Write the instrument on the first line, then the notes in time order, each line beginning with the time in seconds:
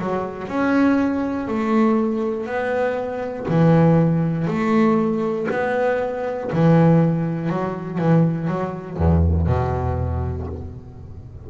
double bass
0.00 F#3
0.48 C#4
1.48 A3
2.46 B3
3.49 E3
4.48 A3
5.51 B3
6.53 E3
7.50 F#3
7.99 E3
8.48 F#3
8.97 E2
9.47 B2